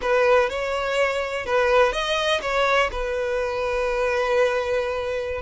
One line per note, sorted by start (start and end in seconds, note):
0.01 0.49 B4
0.49 1.45 C#5
1.45 1.92 B4
1.92 2.41 D#5
2.41 2.89 C#5
2.91 5.41 B4